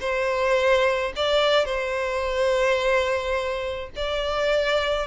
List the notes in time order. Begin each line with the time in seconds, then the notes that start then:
0.00 C5
1.16 D5
1.65 C5
3.96 D5